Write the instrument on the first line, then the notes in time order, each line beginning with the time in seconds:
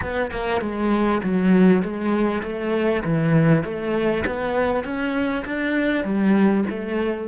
cello
0.01 B3
0.31 A#3
0.61 G#3
1.23 F#3
1.82 G#3
2.42 A3
3.04 E3
3.63 A3
4.26 B3
4.84 C#4
5.45 D4
6.04 G3
6.69 A3